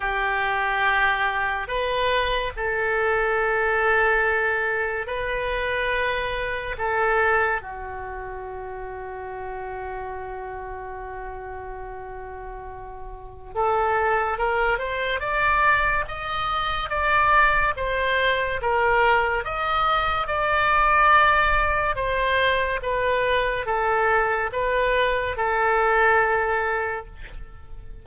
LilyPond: \new Staff \with { instrumentName = "oboe" } { \time 4/4 \tempo 4 = 71 g'2 b'4 a'4~ | a'2 b'2 | a'4 fis'2.~ | fis'1 |
a'4 ais'8 c''8 d''4 dis''4 | d''4 c''4 ais'4 dis''4 | d''2 c''4 b'4 | a'4 b'4 a'2 | }